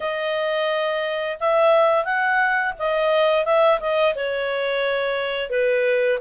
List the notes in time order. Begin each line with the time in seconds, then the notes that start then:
0.00 D#5
1.39 E5
2.04 F#5
2.79 D#5
3.45 E5
3.79 D#5
4.15 C#5
5.50 B4